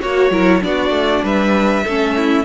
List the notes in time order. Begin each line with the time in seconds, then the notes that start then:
0.00 A#3 F#4 C#5
0.30 F#3 E4 A#4
0.61 B3 D4 F#4 D5
0.90 A3
1.23 G3 B4 E5
1.84 A3 C#4 A4
2.16 E4